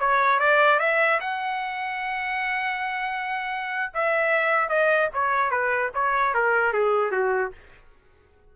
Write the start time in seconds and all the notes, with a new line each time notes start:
0.00 C#5
0.39 D5
0.79 E5
1.20 F#5
3.94 E5
4.69 D#5
5.13 C#5
5.51 B4
5.94 C#5
6.34 A#4
6.73 G#4
7.11 F#4